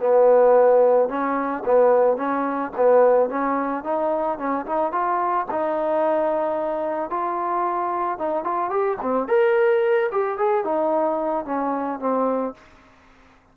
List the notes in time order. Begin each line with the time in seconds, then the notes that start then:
0.00 B3
1.09 C#4
1.66 B3
2.17 C#4
2.77 B3
3.30 C#4
3.84 D#4
4.39 C#4
4.67 D#4
4.92 F4
5.51 D#4
7.11 F4
8.19 D#4
8.44 F4
8.70 G4
9.02 C4
9.29 A#4
10.12 G4
10.38 G#4
10.65 D#4
11.46 C#4
12.00 C4